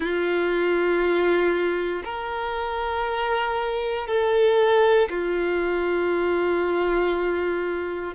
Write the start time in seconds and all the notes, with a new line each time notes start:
0.00 F4
2.04 A#4
4.07 A4
5.09 F4